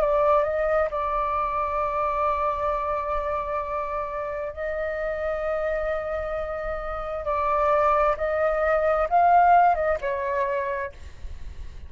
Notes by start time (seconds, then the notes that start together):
0.00 D5
0.43 D#5
0.90 D5
4.52 D#5
7.24 D5
8.17 D#5
9.09 F5
9.75 D#5
10.01 C#5